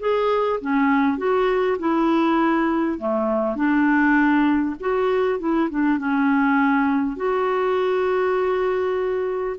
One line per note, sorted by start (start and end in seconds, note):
0.00 0.60 G#4
0.61 1.18 C#4
1.18 1.78 F#4
1.79 2.99 E4
2.99 3.56 A3
3.56 4.76 D4
4.80 5.39 F#4
5.39 5.69 E4
5.70 5.98 D4
5.98 7.17 C#4
7.17 9.57 F#4